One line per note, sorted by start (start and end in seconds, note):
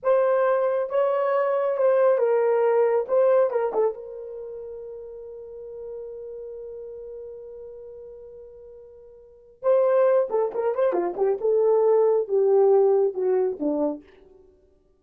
0.02 0.89 C5
0.89 1.77 C#5
1.77 2.17 C5
2.17 3.05 A#4
3.08 3.50 C5
3.50 3.72 A#4
3.73 3.93 A4
3.93 9.62 A#4
9.62 10.28 C5
10.30 10.52 A4
10.54 10.74 A#4
10.74 10.92 C5
10.92 11.14 F4
11.16 11.38 G4
11.40 12.27 A4
12.27 13.13 G4
13.13 13.57 F#4
13.59 14.03 D4